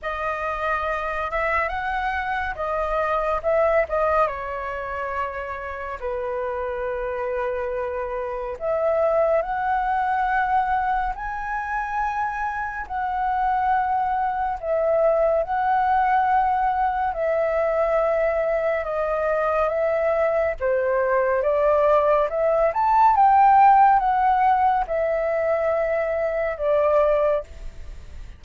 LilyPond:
\new Staff \with { instrumentName = "flute" } { \time 4/4 \tempo 4 = 70 dis''4. e''8 fis''4 dis''4 | e''8 dis''8 cis''2 b'4~ | b'2 e''4 fis''4~ | fis''4 gis''2 fis''4~ |
fis''4 e''4 fis''2 | e''2 dis''4 e''4 | c''4 d''4 e''8 a''8 g''4 | fis''4 e''2 d''4 | }